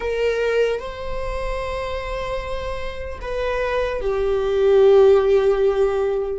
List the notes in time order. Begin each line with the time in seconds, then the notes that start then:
0.00 A#4
0.79 C5
3.21 B4
4.00 G4